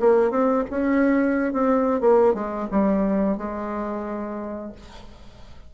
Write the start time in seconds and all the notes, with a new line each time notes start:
0.00 A#3
0.31 C4
0.70 C#4
1.53 C4
2.01 A#3
2.34 G#3
2.71 G3
3.38 G#3